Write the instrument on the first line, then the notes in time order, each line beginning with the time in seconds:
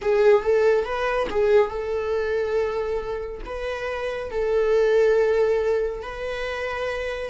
viola
0.01 G#4
0.42 A4
0.85 B4
1.29 G#4
1.69 A4
3.45 B4
4.31 A4
6.02 B4